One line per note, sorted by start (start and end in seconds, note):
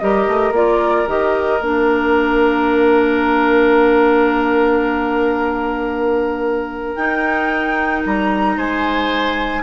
0.00 0.28 G3
0.00 0.55 G4
0.00 8.57 A#4
0.00 0.54 D#5
0.28 0.51 A3
0.51 1.05 A#3
0.51 1.08 F4
0.51 1.09 D5
1.08 1.60 D#3
1.08 1.61 G4
1.08 1.63 D#5
1.60 6.96 A#3
1.60 6.98 D4
1.60 6.96 F5
6.96 8.04 D#4
6.96 9.63 D#4
6.96 8.03 G5
8.06 8.57 G3
8.06 8.59 A#5
8.57 9.63 G#3
8.57 9.63 C5
8.57 9.63 G#5